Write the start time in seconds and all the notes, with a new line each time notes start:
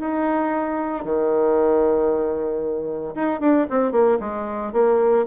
0.00 D#4
1.05 D#3
3.15 D#4
3.40 D4
3.70 C4
3.92 A#3
4.20 G#3
4.73 A#3